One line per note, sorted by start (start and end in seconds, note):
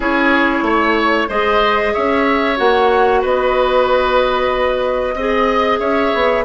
0.00 0.61 C#4
0.00 1.29 E4
0.00 0.64 G#4
0.00 1.30 C#5
0.61 1.26 A3
0.61 1.28 C#5
1.28 1.93 G#3
1.28 2.56 G#4
1.28 1.92 C5
1.28 1.93 D#5
1.93 2.59 C#4
1.93 3.21 C#5
1.93 2.57 E5
2.56 3.23 A#3
2.56 5.14 F#4
2.56 3.22 F#5
3.21 5.14 B3
3.21 5.14 B4
3.21 5.79 D#5
5.14 5.79 C4
5.14 6.45 G#4
5.14 5.79 D#5
5.79 6.11 C#4
5.79 6.44 C#5
5.79 6.44 E5
6.14 6.45 B3